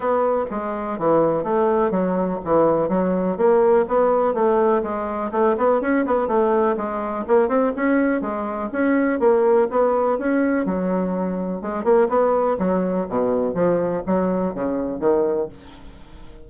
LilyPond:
\new Staff \with { instrumentName = "bassoon" } { \time 4/4 \tempo 4 = 124 b4 gis4 e4 a4 | fis4 e4 fis4 ais4 | b4 a4 gis4 a8 b8 | cis'8 b8 a4 gis4 ais8 c'8 |
cis'4 gis4 cis'4 ais4 | b4 cis'4 fis2 | gis8 ais8 b4 fis4 b,4 | f4 fis4 cis4 dis4 | }